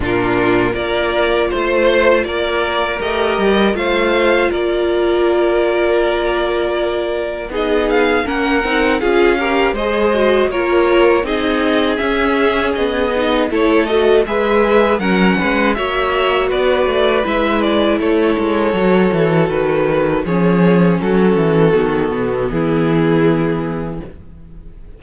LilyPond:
<<
  \new Staff \with { instrumentName = "violin" } { \time 4/4 \tempo 4 = 80 ais'4 d''4 c''4 d''4 | dis''4 f''4 d''2~ | d''2 dis''8 f''8 fis''4 | f''4 dis''4 cis''4 dis''4 |
e''4 dis''4 cis''8 dis''8 e''4 | fis''4 e''4 d''4 e''8 d''8 | cis''2 b'4 cis''4 | a'2 gis'2 | }
  \new Staff \with { instrumentName = "violin" } { \time 4/4 f'4 ais'4 c''4 ais'4~ | ais'4 c''4 ais'2~ | ais'2 gis'4 ais'4 | gis'8 ais'8 c''4 ais'4 gis'4~ |
gis'2 a'4 b'4 | ais'8 b'8 cis''4 b'2 | a'2. gis'4 | fis'2 e'2 | }
  \new Staff \with { instrumentName = "viola" } { \time 4/4 d'4 f'2. | g'4 f'2.~ | f'2 dis'4 cis'8 dis'8 | f'8 g'8 gis'8 fis'8 f'4 dis'4 |
cis'4. dis'8 e'8 fis'8 gis'4 | cis'4 fis'2 e'4~ | e'4 fis'2 cis'4~ | cis'4 b2. | }
  \new Staff \with { instrumentName = "cello" } { \time 4/4 ais,4 ais4 a4 ais4 | a8 g8 a4 ais2~ | ais2 b4 ais8 c'8 | cis'4 gis4 ais4 c'4 |
cis'4 b4 a4 gis4 | fis8 gis8 ais4 b8 a8 gis4 | a8 gis8 fis8 e8 dis4 f4 | fis8 e8 dis8 b,8 e2 | }
>>